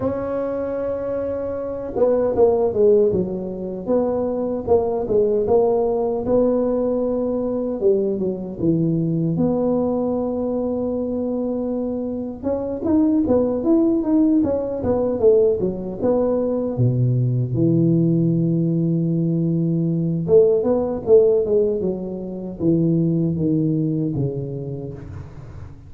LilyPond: \new Staff \with { instrumentName = "tuba" } { \time 4/4 \tempo 4 = 77 cis'2~ cis'8 b8 ais8 gis8 | fis4 b4 ais8 gis8 ais4 | b2 g8 fis8 e4 | b1 |
cis'8 dis'8 b8 e'8 dis'8 cis'8 b8 a8 | fis8 b4 b,4 e4.~ | e2 a8 b8 a8 gis8 | fis4 e4 dis4 cis4 | }